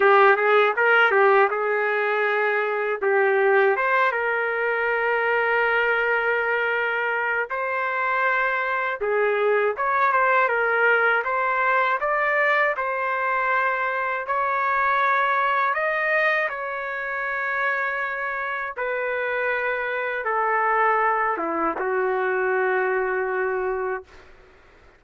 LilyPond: \new Staff \with { instrumentName = "trumpet" } { \time 4/4 \tempo 4 = 80 g'8 gis'8 ais'8 g'8 gis'2 | g'4 c''8 ais'2~ ais'8~ | ais'2 c''2 | gis'4 cis''8 c''8 ais'4 c''4 |
d''4 c''2 cis''4~ | cis''4 dis''4 cis''2~ | cis''4 b'2 a'4~ | a'8 e'8 fis'2. | }